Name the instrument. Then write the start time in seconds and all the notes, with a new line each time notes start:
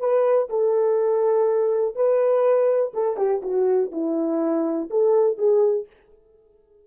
horn
0.00 B4
0.50 A4
1.95 B4
2.94 A4
3.17 G4
3.42 F#4
3.92 E4
4.90 A4
5.38 G#4